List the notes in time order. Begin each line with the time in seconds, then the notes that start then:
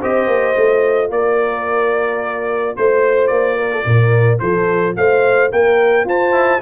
0.00 C4 G4 C5 D#5
0.27 A#3
0.55 A3 F4
1.10 A#3 A#4 D5
2.77 A3 C5
3.28 A#3 D5
3.58 A#4
3.72 A4
3.85 A#2 A#4
4.40 F3 A4 C5
4.97 A3 C5 F5
5.52 A#3 A#4 G5
6.05 F4 C5 A5
6.32 E4